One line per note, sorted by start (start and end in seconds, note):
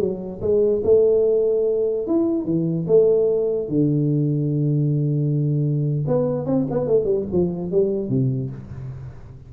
0.00 0.41 F#3
0.41 0.83 G#3
0.84 2.07 A3
2.07 2.45 E4
2.45 2.87 E3
2.88 3.69 A3
3.69 6.05 D3
6.08 6.46 B3
6.46 6.67 C4
6.71 6.87 B3
6.87 7.05 A3
7.05 7.26 G3
7.33 7.71 F3
7.71 8.09 G3
8.09 8.50 C3